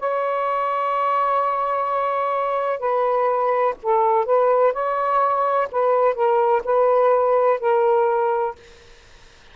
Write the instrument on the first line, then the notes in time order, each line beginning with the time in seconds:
saxophone
0.00 C#5
2.80 B4
3.83 A4
4.26 B4
4.73 C#5
5.72 B4
6.15 A#4
6.65 B4
7.60 A#4